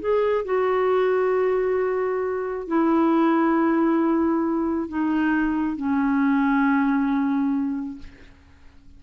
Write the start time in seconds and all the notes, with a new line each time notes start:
0.00 G#4
0.45 F#4
2.67 E4
4.88 D#4
5.76 C#4